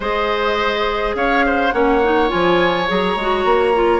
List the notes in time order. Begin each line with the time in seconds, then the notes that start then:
0.00 G#3 G#4 C5 D#5
1.14 C#4 C#5 F5
1.46 C5
1.71 A#3 C#4 C#5 F#5
2.03 D#4
2.28 F3 F4 G#5
2.87 F#3 G#4 A#5
3.16 G#3 F#4
3.44 A#3
3.74 F4